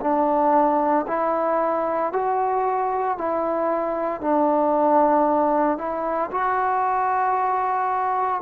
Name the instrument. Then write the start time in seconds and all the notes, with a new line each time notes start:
trombone
0.00 D4
1.07 E4
2.12 F#4
3.17 E4
4.21 D4
5.78 E4
6.31 F#4